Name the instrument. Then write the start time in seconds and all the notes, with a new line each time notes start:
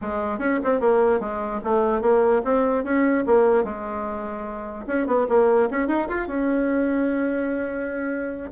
bassoon
0.01 G#3
0.38 C#4
0.64 C4
0.80 A#3
1.20 G#3
1.63 A3
2.01 A#3
2.44 C4
2.83 C#4
3.26 A#3
3.64 G#3
4.86 C#4
5.06 B3
5.28 A#3
5.70 C#4
5.87 D#4
6.08 F4
6.27 C#4